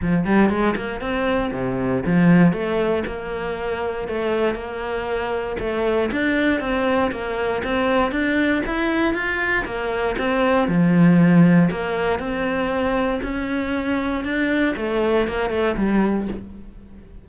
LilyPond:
\new Staff \with { instrumentName = "cello" } { \time 4/4 \tempo 4 = 118 f8 g8 gis8 ais8 c'4 c4 | f4 a4 ais2 | a4 ais2 a4 | d'4 c'4 ais4 c'4 |
d'4 e'4 f'4 ais4 | c'4 f2 ais4 | c'2 cis'2 | d'4 a4 ais8 a8 g4 | }